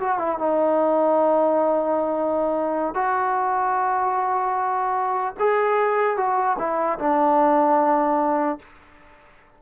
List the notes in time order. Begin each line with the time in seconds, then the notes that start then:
0.00 F#4
0.19 E4
0.39 D#4
2.95 F#4
5.40 G#4
6.17 F#4
6.59 E4
6.99 D4